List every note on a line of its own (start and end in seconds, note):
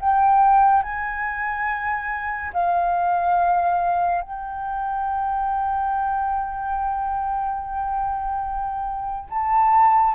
0.00 0.83 G5
0.83 2.52 G#5
2.53 4.22 F5
4.22 9.29 G5
9.30 10.14 A5